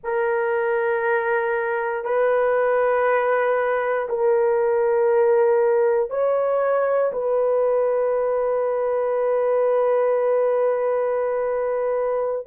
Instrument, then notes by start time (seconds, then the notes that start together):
horn
0.03 A#4
2.04 B4
4.08 A#4
6.10 C#5
7.12 B4